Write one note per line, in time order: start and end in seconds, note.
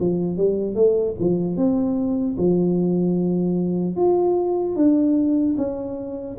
0.00 0.37 F3
0.37 0.75 G3
0.75 1.15 A3
1.20 1.56 F3
1.56 2.36 C4
2.37 3.96 F3
3.96 4.76 F4
4.76 5.56 D4
5.57 6.37 C#4